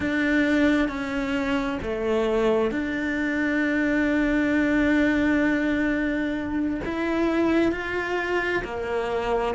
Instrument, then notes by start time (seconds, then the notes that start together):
cello
0.00 D4
0.88 C#4
1.82 A3
2.71 D4
6.84 E4
7.72 F4
8.64 A#3